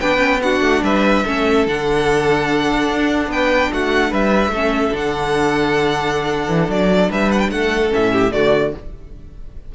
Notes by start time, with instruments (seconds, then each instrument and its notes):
0.00 cello B3, viola D4, violin B4 G5
0.18 viola C#4
0.42 viola D4, violin F#4 F#5
0.61 cello A3
0.83 cello G3, violin B4 E5
1.24 cello A3, viola C#4, violin A4
1.67 cello D3, viola D4, violin F#5
2.89 cello D4
3.27 cello B3, violin B4 G5
3.73 cello A3, violin F#4 F#5
4.10 cello G3, violin B4 E5
4.48 cello A3, viola C#4, violin A4
4.91 cello D3, viola D4, violin F#5
6.48 cello E3
6.68 cello F#3, violin D5
7.10 cello G3, violin B4 E5
7.31 violin F#5
7.40 violin G5
7.50 cello A3, violin A4 F#5
7.89 viola C#4, violin E5
7.96 cello A2
8.12 violin G4
8.32 cello D3, viola A3, violin F#4 D5